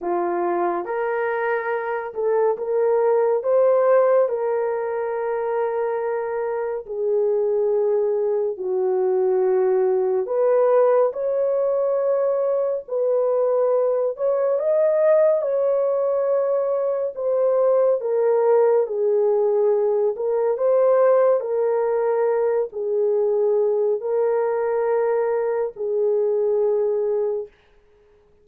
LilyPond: \new Staff \with { instrumentName = "horn" } { \time 4/4 \tempo 4 = 70 f'4 ais'4. a'8 ais'4 | c''4 ais'2. | gis'2 fis'2 | b'4 cis''2 b'4~ |
b'8 cis''8 dis''4 cis''2 | c''4 ais'4 gis'4. ais'8 | c''4 ais'4. gis'4. | ais'2 gis'2 | }